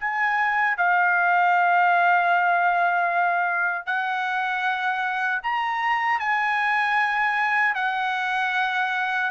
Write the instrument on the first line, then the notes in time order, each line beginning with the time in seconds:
trumpet
0.00 G#5
0.78 F5
3.86 F#5
5.43 A#5
6.20 G#5
7.75 F#5